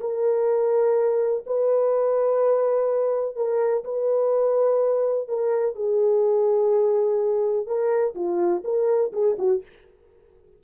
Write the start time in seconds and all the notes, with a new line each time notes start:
0.00 A#4
1.46 B4
3.36 A#4
3.84 B4
5.28 A#4
5.75 G#4
7.67 A#4
8.15 F4
8.64 A#4
9.13 G#4
9.38 F#4